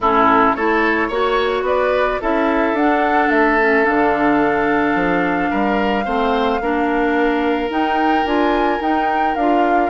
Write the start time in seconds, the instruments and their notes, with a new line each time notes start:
0.00 bassoon A2, clarinet C#4, oboe E4, flute A4
0.54 bassoon A3, clarinet E4, oboe A4, flute C#5
1.08 bassoon A#3, clarinet F#4, oboe C#5
1.62 bassoon B3, oboe B4, flute D5
2.21 bassoon C#4, clarinet E4, oboe A4, flute E5
2.73 bassoon D4, clarinet D4, flute F#5
3.29 bassoon A3, flute E5
3.60 clarinet C#4
3.83 bassoon D3, clarinet D4, flute F5
4.94 bassoon F3
5.50 bassoon G3, oboe A#4
6.04 bassoon A3, clarinet C4, oboe C5
6.60 bassoon A#3, clarinet D4, oboe A#4
7.69 bassoon D#4, clarinet D#4, flute G5
8.24 bassoon D4, clarinet F4, flute G#5
8.80 clarinet D#4, bassoon D#4, flute G5
9.35 bassoon D4, clarinet F4, flute F5